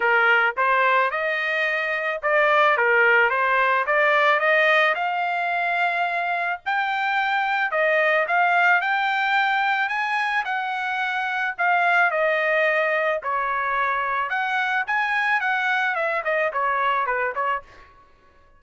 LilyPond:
\new Staff \with { instrumentName = "trumpet" } { \time 4/4 \tempo 4 = 109 ais'4 c''4 dis''2 | d''4 ais'4 c''4 d''4 | dis''4 f''2. | g''2 dis''4 f''4 |
g''2 gis''4 fis''4~ | fis''4 f''4 dis''2 | cis''2 fis''4 gis''4 | fis''4 e''8 dis''8 cis''4 b'8 cis''8 | }